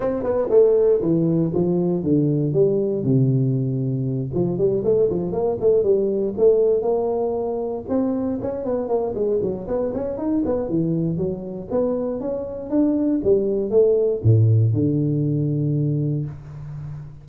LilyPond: \new Staff \with { instrumentName = "tuba" } { \time 4/4 \tempo 4 = 118 c'8 b8 a4 e4 f4 | d4 g4 c2~ | c8 f8 g8 a8 f8 ais8 a8 g8~ | g8 a4 ais2 c'8~ |
c'8 cis'8 b8 ais8 gis8 fis8 b8 cis'8 | dis'8 b8 e4 fis4 b4 | cis'4 d'4 g4 a4 | a,4 d2. | }